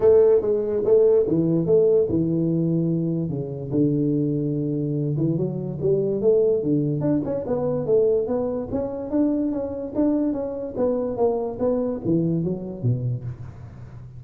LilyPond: \new Staff \with { instrumentName = "tuba" } { \time 4/4 \tempo 4 = 145 a4 gis4 a4 e4 | a4 e2. | cis4 d2.~ | d8 e8 fis4 g4 a4 |
d4 d'8 cis'8 b4 a4 | b4 cis'4 d'4 cis'4 | d'4 cis'4 b4 ais4 | b4 e4 fis4 b,4 | }